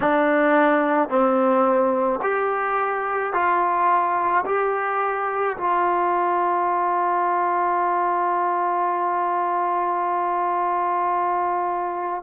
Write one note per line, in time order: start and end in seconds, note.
0.00 1.08 D4
1.08 2.19 C4
2.22 3.33 G4
3.33 4.44 F4
4.45 5.56 G4
5.57 12.22 F4